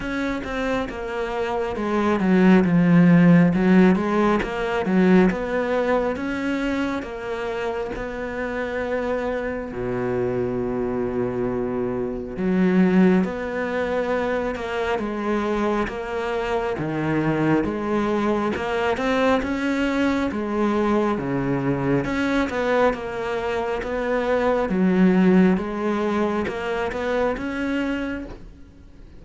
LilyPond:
\new Staff \with { instrumentName = "cello" } { \time 4/4 \tempo 4 = 68 cis'8 c'8 ais4 gis8 fis8 f4 | fis8 gis8 ais8 fis8 b4 cis'4 | ais4 b2 b,4~ | b,2 fis4 b4~ |
b8 ais8 gis4 ais4 dis4 | gis4 ais8 c'8 cis'4 gis4 | cis4 cis'8 b8 ais4 b4 | fis4 gis4 ais8 b8 cis'4 | }